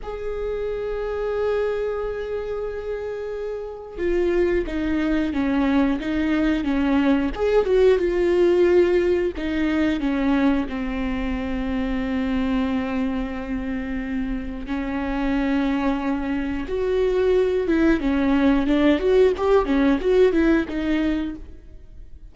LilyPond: \new Staff \with { instrumentName = "viola" } { \time 4/4 \tempo 4 = 90 gis'1~ | gis'2 f'4 dis'4 | cis'4 dis'4 cis'4 gis'8 fis'8 | f'2 dis'4 cis'4 |
c'1~ | c'2 cis'2~ | cis'4 fis'4. e'8 cis'4 | d'8 fis'8 g'8 cis'8 fis'8 e'8 dis'4 | }